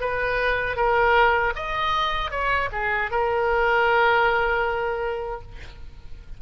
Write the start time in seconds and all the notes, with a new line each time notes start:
0.00 B4
0.76 A#4
1.55 D#5
2.30 C#5
2.72 G#4
3.10 A#4